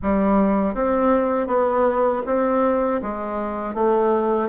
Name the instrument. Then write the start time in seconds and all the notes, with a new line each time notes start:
bassoon
0.02 G3
0.74 C4
1.47 B3
2.26 C4
3.01 G#3
3.74 A3